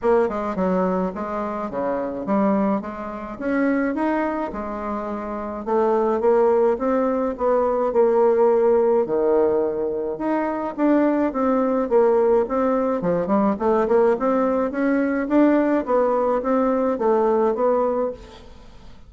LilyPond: \new Staff \with { instrumentName = "bassoon" } { \time 4/4 \tempo 4 = 106 ais8 gis8 fis4 gis4 cis4 | g4 gis4 cis'4 dis'4 | gis2 a4 ais4 | c'4 b4 ais2 |
dis2 dis'4 d'4 | c'4 ais4 c'4 f8 g8 | a8 ais8 c'4 cis'4 d'4 | b4 c'4 a4 b4 | }